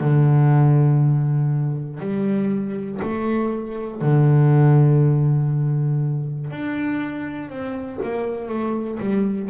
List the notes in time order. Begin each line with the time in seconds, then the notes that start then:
0.00 D3
2.00 G3
3.01 A3
4.00 D3
6.50 D4
7.49 C4
8.02 A#3
8.48 A3
9.00 G3